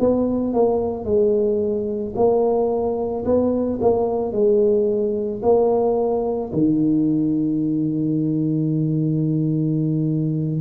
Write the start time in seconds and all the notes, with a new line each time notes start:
0.00 B3
0.54 A#3
1.05 G#3
2.16 A#3
3.25 B3
3.82 A#3
4.33 G#3
5.43 A#3
6.54 D#3